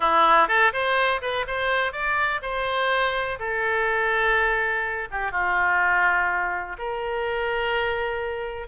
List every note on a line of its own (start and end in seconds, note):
0.00 0.48 E4
0.48 0.72 A4
0.72 1.21 C5
1.21 1.45 B4
1.47 1.92 C5
1.92 2.40 D5
2.41 3.38 C5
3.39 5.08 A4
5.11 5.31 G4
5.31 6.76 F4
6.78 8.67 A#4